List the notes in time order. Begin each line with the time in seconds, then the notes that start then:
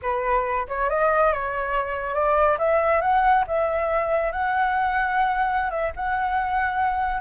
0.02 B4
0.67 C#5
0.89 D#5
1.32 C#5
2.14 D5
2.58 E5
3.01 F#5
3.47 E5
4.31 F#5
5.70 E5
5.96 F#5